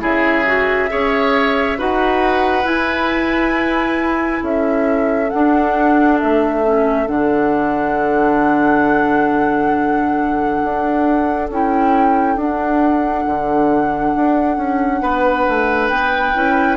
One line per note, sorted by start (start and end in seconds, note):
0.00 0.90 C#3
0.00 0.44 E4
0.00 0.89 G#4
0.00 1.80 E5
0.45 0.88 F#4
0.88 1.79 C#4
0.88 1.76 G#4
0.88 1.78 C#5
1.78 2.64 D#4
1.78 2.63 F#4
1.78 4.42 B4
1.78 2.67 F#5
2.63 5.27 E4
2.63 4.41 E4
2.63 4.43 G#5
4.42 5.31 C#4
4.42 15.01 A4
4.42 5.30 E5
5.30 6.22 D4
5.30 6.64 D4
5.30 6.18 F#5
6.19 7.07 A3
6.19 7.07 E5
6.64 7.06 C#4
7.06 10.60 D3
7.06 11.47 D4
7.06 11.48 F#5
10.64 11.50 D4
11.50 12.36 C#4
11.50 12.38 E4
11.50 12.39 G5
12.36 13.24 D4
12.36 16.34 D4
12.36 15.88 F#5
13.26 14.14 D3
14.15 14.57 D4
14.57 15.01 C#4
15.01 15.46 B3
15.01 16.77 B4
15.49 15.89 A3
15.88 16.33 B3
15.88 16.76 G5
16.34 16.77 C#4
16.34 16.77 E4